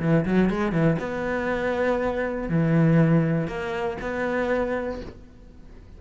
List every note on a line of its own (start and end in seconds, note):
0.00 0.25 E3
0.25 0.50 F#3
0.50 0.72 G#3
0.72 0.97 E3
0.99 2.49 B3
2.49 3.47 E3
3.47 3.97 A#3
4.01 5.01 B3